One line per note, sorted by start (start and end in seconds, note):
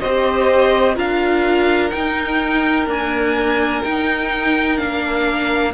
0.00 0.97 C4
0.00 0.95 G4
0.00 0.96 C5
0.00 0.95 D#5
0.95 1.92 D4
0.95 1.90 F4
0.95 5.72 A#4
0.95 1.90 F5
1.90 2.88 D#4
1.90 2.87 D#4
1.90 2.85 G5
2.87 3.83 A#3
2.87 3.82 D4
2.87 3.83 G#5
3.83 4.76 D#4
3.83 4.80 D#4
3.83 4.78 G5
4.76 5.74 A#3
4.76 5.72 D4
4.76 5.73 F5